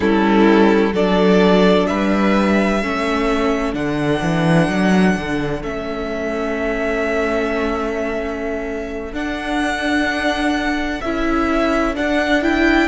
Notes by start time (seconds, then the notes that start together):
0.00 G3 C#4 E4 A4
0.93 F#3 D4 A4 D5
1.87 G3 B4 E5
2.82 A3 C#4 A4
3.73 D3 D4 F#5
4.21 E3
4.68 F#3
5.16 D3
5.62 A3 C#4 E5
9.12 D4 F#5
11.01 C#4 E4 E5
11.95 D4 F#5
12.42 E4 G5